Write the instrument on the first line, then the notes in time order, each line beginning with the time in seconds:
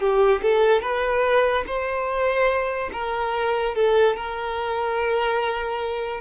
violin
0.00 G4
0.42 A4
0.82 B4
1.67 C5
2.93 A#4
3.75 A4
4.16 A#4